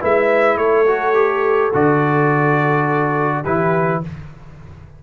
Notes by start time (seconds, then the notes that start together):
0.00 G#3 E4 B4 E5
0.57 A3 A4 C#5
0.87 F#4
1.14 G4
1.73 D3 F#4 D5
3.44 E3 E4 G4 B4